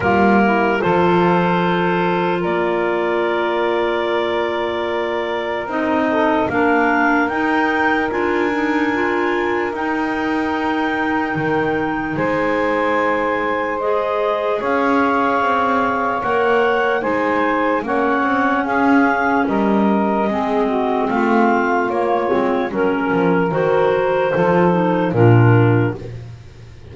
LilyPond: <<
  \new Staff \with { instrumentName = "clarinet" } { \time 4/4 \tempo 4 = 74 ais'4 c''2 d''4~ | d''2. dis''4 | f''4 g''4 gis''2 | g''2. gis''4~ |
gis''4 dis''4 f''2 | fis''4 gis''4 fis''4 f''4 | dis''2 f''4 cis''4 | ais'4 c''2 ais'4 | }
  \new Staff \with { instrumentName = "saxophone" } { \time 4/4 f'8 e'8 a'2 ais'4~ | ais'2.~ ais'8 a'8 | ais'1~ | ais'2. c''4~ |
c''2 cis''2~ | cis''4 c''4 cis''4 gis'4 | ais'4 gis'8 fis'8 f'2 | ais'2 a'4 f'4 | }
  \new Staff \with { instrumentName = "clarinet" } { \time 4/4 ais4 f'2.~ | f'2. dis'4 | d'4 dis'4 f'8 dis'8 f'4 | dis'1~ |
dis'4 gis'2. | ais'4 dis'4 cis'2~ | cis'4 c'2 ais8 c'8 | cis'4 fis'4 f'8 dis'8 d'4 | }
  \new Staff \with { instrumentName = "double bass" } { \time 4/4 g4 f2 ais4~ | ais2. c'4 | ais4 dis'4 d'2 | dis'2 dis4 gis4~ |
gis2 cis'4 c'4 | ais4 gis4 ais8 c'8 cis'4 | g4 gis4 a4 ais8 gis8 | fis8 f8 dis4 f4 ais,4 | }
>>